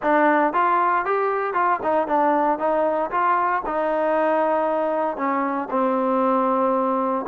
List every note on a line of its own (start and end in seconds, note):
0.02 0.53 D4
0.53 1.05 F4
1.05 1.53 G4
1.53 1.79 F4
1.82 2.07 D#4
2.07 2.58 D4
2.58 3.10 D#4
3.10 3.62 F4
3.66 5.16 D#4
5.16 5.68 C#4
5.70 7.25 C4